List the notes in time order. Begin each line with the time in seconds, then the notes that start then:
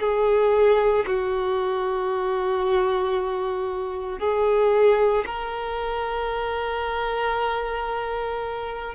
0.00 G#4
1.07 F#4
4.19 G#4
5.26 A#4